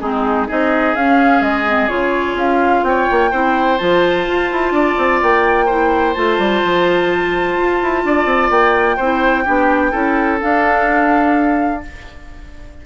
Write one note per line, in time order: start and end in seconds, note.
0.00 0.49 G#3
0.00 0.49 C4
0.00 0.48 D#4
0.00 0.47 G#4
0.48 0.95 C4
0.48 0.96 D#4
0.48 2.84 G#4
0.48 0.96 D#5
0.95 1.41 C#4
0.95 1.67 C#4
0.95 1.42 F5
1.41 1.88 G#3
1.41 1.88 D#5
1.67 1.89 C4
1.88 2.34 C#3
1.88 3.31 F4
1.88 2.36 C#5
2.34 2.81 C#4
2.34 2.84 F5
2.83 3.07 C4
2.83 3.31 C#5
2.83 3.78 G5
3.11 3.32 A#3
3.31 3.79 C4
3.31 3.79 E4
3.31 4.73 C5
3.78 4.28 F3
3.78 5.68 F4
3.78 5.20 A5
4.28 4.51 F4
4.52 4.71 E4
4.71 4.95 D4
4.71 5.66 D5
4.98 5.21 C4
5.23 6.17 A#3
5.23 6.14 G5
5.66 6.15 E4
5.66 8.02 C5
6.14 6.38 A3
6.14 8.99 F4
6.14 8.50 A5
6.38 6.62 G3
6.64 7.58 F3
7.58 7.81 F4
7.82 8.05 E4
8.05 8.25 D4
8.05 8.96 D5
8.25 8.49 C4
8.50 8.97 A#3
8.50 10.40 G5
8.96 9.46 C4
8.96 9.45 E4
8.96 9.44 C5
9.45 9.93 B3
9.45 9.92 D4
9.45 9.91 G4
9.91 10.40 C#4
9.91 10.39 E4
9.91 11.80 A4
10.41 11.83 D4
10.41 11.86 D4
10.41 11.83 F5